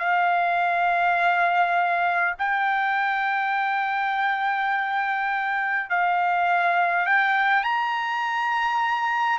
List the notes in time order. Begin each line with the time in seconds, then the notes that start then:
0.00 F5
2.39 G5
5.90 F5
7.06 G5
7.64 A#5